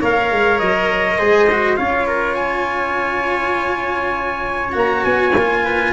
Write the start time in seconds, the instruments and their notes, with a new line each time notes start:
0.00 tuba A#3, cello A#4, trumpet C#5 F5
0.31 tuba G#3
0.59 tuba F#3, trumpet D#5
1.18 tuba G#3, cello G#4, trumpet C5
1.51 cello F#4
1.76 tuba C#4, cello F4, trumpet C#5 F5
2.07 trumpet A#4
2.34 trumpet G#5
4.72 tuba A#3, cello F#4, trumpet A#5
5.03 tuba B3, trumpet G#5
5.33 tuba A#3, cello F4
5.63 trumpet B4